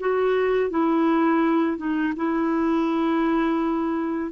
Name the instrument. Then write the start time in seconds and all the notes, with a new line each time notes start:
clarinet
0.00 F#4
0.71 E4
1.78 D#4
2.17 E4